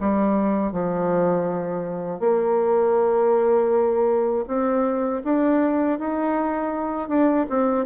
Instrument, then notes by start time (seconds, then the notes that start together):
bassoon
0.00 G3
0.72 F3
2.20 A#3
4.47 C4
5.24 D4
5.99 D#4
7.08 D4
7.49 C4